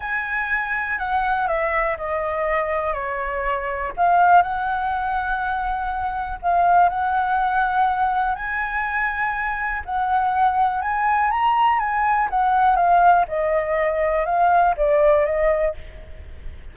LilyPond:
\new Staff \with { instrumentName = "flute" } { \time 4/4 \tempo 4 = 122 gis''2 fis''4 e''4 | dis''2 cis''2 | f''4 fis''2.~ | fis''4 f''4 fis''2~ |
fis''4 gis''2. | fis''2 gis''4 ais''4 | gis''4 fis''4 f''4 dis''4~ | dis''4 f''4 d''4 dis''4 | }